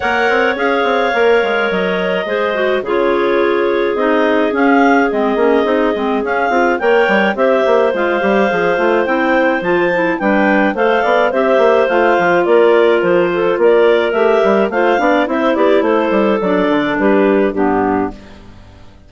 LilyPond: <<
  \new Staff \with { instrumentName = "clarinet" } { \time 4/4 \tempo 4 = 106 fis''4 f''2 dis''4~ | dis''4 cis''2 dis''4 | f''4 dis''2 f''4 | g''4 e''4 f''2 |
g''4 a''4 g''4 f''4 | e''4 f''4 d''4 c''4 | d''4 e''4 f''4 e''8 d''8 | c''4 d''4 b'4 g'4 | }
  \new Staff \with { instrumentName = "clarinet" } { \time 4/4 cis''1 | c''4 gis'2.~ | gis'1 | cis''4 c''2.~ |
c''2 b'4 c''8 d''8 | c''2 ais'4. a'8 | ais'2 c''8 d''8 c''8 g'8 | a'2 g'4 d'4 | }
  \new Staff \with { instrumentName = "clarinet" } { \time 4/4 ais'4 gis'4 ais'2 | gis'8 fis'8 f'2 dis'4 | cis'4 c'8 cis'8 dis'8 c'8 cis'8 f'8 | ais'4 g'4 f'8 g'8 gis'8 f'8 |
e'4 f'8 e'8 d'4 a'4 | g'4 f'2.~ | f'4 g'4 f'8 d'8 e'4~ | e'4 d'2 b4 | }
  \new Staff \with { instrumentName = "bassoon" } { \time 4/4 ais8 c'8 cis'8 c'8 ais8 gis8 fis4 | gis4 cis2 c'4 | cis'4 gis8 ais8 c'8 gis8 cis'8 c'8 | ais8 g8 c'8 ais8 gis8 g8 f8 a8 |
c'4 f4 g4 a8 b8 | c'8 ais8 a8 f8 ais4 f4 | ais4 a8 g8 a8 b8 c'8 b8 | a8 g8 fis8 d8 g4 g,4 | }
>>